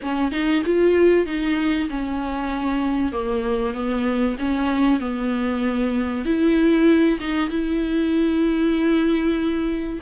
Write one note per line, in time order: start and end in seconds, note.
0.02 0.31 C#4
0.31 0.62 D#4
0.65 1.26 F4
1.26 1.88 D#4
1.89 3.12 C#4
3.12 3.74 A#3
3.74 4.36 B3
4.38 5.00 C#4
5.00 6.25 B3
6.25 7.18 E4
7.20 7.49 D#4
7.49 9.99 E4